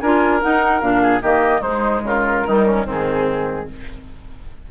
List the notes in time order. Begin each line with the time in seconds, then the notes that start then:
0.00 D4 F4 A#4 G#5
0.41 D#4 F#5
0.81 A#2 D4 F5
1.02 G#4
1.22 D#3 A#3 G4 D#5
1.61 G#3 D#4 C5
2.04 C#3 F4 A#4
2.46 D#3 G3 D#4
2.65 C#4
2.85 G#2 D#3 C4 G#4